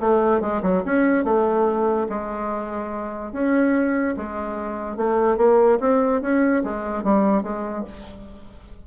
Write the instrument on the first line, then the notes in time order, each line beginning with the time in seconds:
bassoon
0.00 A3
0.41 G#3
0.62 F#3
0.85 C#4
1.24 A3
2.09 G#3
3.32 C#4
4.17 G#3
4.97 A3
5.37 A#3
5.80 C4
6.22 C#4
6.64 G#3
7.03 G3
7.43 G#3